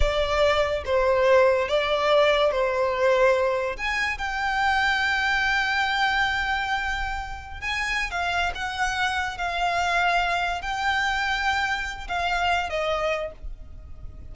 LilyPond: \new Staff \with { instrumentName = "violin" } { \time 4/4 \tempo 4 = 144 d''2 c''2 | d''2 c''2~ | c''4 gis''4 g''2~ | g''1~ |
g''2~ g''16 gis''4~ gis''16 f''8~ | f''8 fis''2 f''4.~ | f''4. g''2~ g''8~ | g''4 f''4. dis''4. | }